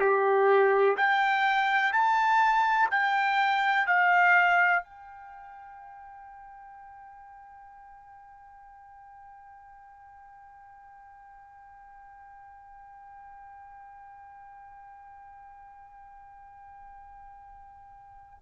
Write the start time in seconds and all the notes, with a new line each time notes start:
0.00 G4
0.97 G5
1.93 A5
2.90 G5
3.87 F5
4.83 G5